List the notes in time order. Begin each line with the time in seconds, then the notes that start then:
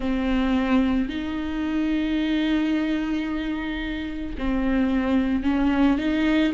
0.00 C4
1.09 D#4
4.38 C4
5.43 C#4
5.98 D#4